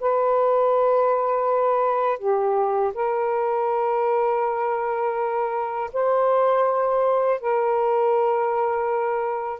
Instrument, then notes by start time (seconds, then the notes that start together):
saxophone
0.00 B4
2.19 G4
2.94 A#4
5.93 C5
7.41 A#4